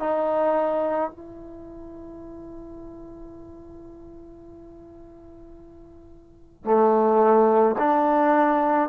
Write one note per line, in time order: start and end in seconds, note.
0.00 1.11 D#4
1.11 6.65 E4
6.65 7.76 A3
7.79 8.89 D4